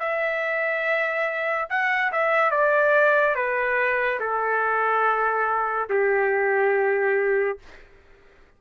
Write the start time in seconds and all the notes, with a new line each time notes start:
0.00 E5
1.70 F#5
2.12 E5
2.51 D5
3.36 B4
4.21 A4
5.90 G4